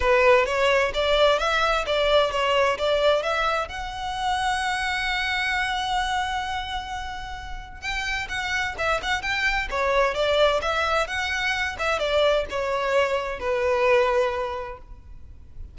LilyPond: \new Staff \with { instrumentName = "violin" } { \time 4/4 \tempo 4 = 130 b'4 cis''4 d''4 e''4 | d''4 cis''4 d''4 e''4 | fis''1~ | fis''1~ |
fis''4 g''4 fis''4 e''8 fis''8 | g''4 cis''4 d''4 e''4 | fis''4. e''8 d''4 cis''4~ | cis''4 b'2. | }